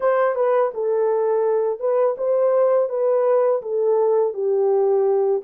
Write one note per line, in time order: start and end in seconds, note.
0.00 0.35 C5
0.35 0.71 B4
0.74 1.79 A4
1.79 2.15 B4
2.17 2.89 C5
2.89 3.61 B4
3.61 4.33 A4
4.33 5.42 G4